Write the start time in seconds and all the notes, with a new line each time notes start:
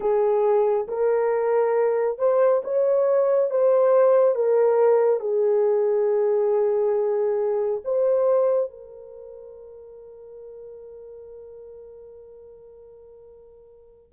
0.00 G#4
0.88 A#4
2.18 C5
2.63 C#5
3.50 C5
4.35 A#4
5.20 G#4
7.84 C5
8.70 A#4